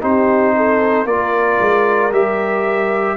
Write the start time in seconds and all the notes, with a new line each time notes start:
0.00 C4 D#4 G4 C5
0.56 A4
1.05 A#3 F4 A#4 D5
1.59 G#3
2.11 G3 G4 E5